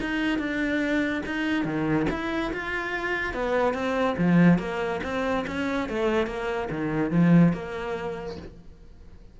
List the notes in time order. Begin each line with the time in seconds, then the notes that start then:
0.00 D#4
0.38 D4
1.25 D#4
1.64 D#3
2.10 E4
2.53 F4
3.33 B3
3.73 C4
4.17 F3
4.58 A#3
5.03 C4
5.47 C#4
5.89 A3
6.26 A#3
6.70 D#3
7.11 F3
7.53 A#3